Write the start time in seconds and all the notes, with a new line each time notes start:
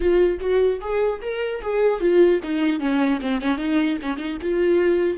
0.00 F4
0.40 F#4
0.80 G#4
1.21 A#4
1.61 G#4
2.00 F4
2.43 D#4
2.79 C#4
3.21 C4
3.41 C#4
3.57 D#4
4.01 C#4
4.17 D#4
4.41 F4